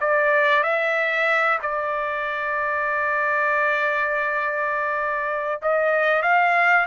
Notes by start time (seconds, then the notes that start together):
0.00 D5
0.63 E5
1.62 D5
5.62 D#5
6.22 F5